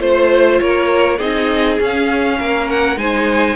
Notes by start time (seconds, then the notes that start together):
0.00 A3 F4 C5
0.60 A#3 A#4 C#5
1.18 C4 D#4 G#4 D#5
1.79 C#4 F5
2.40 A#3 A#4
2.70 F#5
2.96 G#3 D#4 C5 G#5